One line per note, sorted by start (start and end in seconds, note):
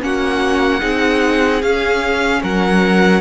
0.00 0.82 A#3
0.00 0.80 C#4
0.00 0.81 F#4
0.00 1.62 F#5
0.80 1.62 C4
0.80 1.60 D#4
0.80 2.41 G#4
1.62 2.42 C#4
1.62 3.21 C#4
1.62 2.42 F5
2.43 3.21 F#3
2.43 3.21 A#4
2.43 3.21 F#5